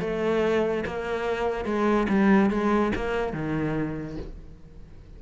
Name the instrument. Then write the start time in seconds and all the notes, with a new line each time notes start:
cello
0.00 A3
0.86 A#3
1.65 G#3
2.09 G3
2.50 G#3
2.95 A#3
3.33 D#3